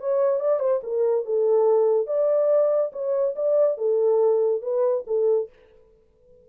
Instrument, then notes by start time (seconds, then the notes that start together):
horn
0.00 C#5
0.40 D5
0.60 C5
0.83 A#4
1.25 A4
2.07 D5
2.92 C#5
3.35 D5
3.78 A4
4.62 B4
5.07 A4